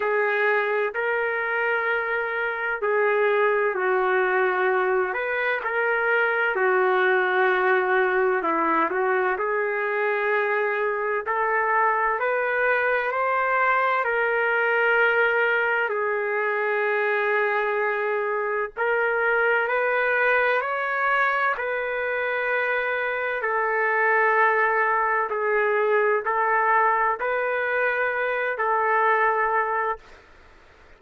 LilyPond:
\new Staff \with { instrumentName = "trumpet" } { \time 4/4 \tempo 4 = 64 gis'4 ais'2 gis'4 | fis'4. b'8 ais'4 fis'4~ | fis'4 e'8 fis'8 gis'2 | a'4 b'4 c''4 ais'4~ |
ais'4 gis'2. | ais'4 b'4 cis''4 b'4~ | b'4 a'2 gis'4 | a'4 b'4. a'4. | }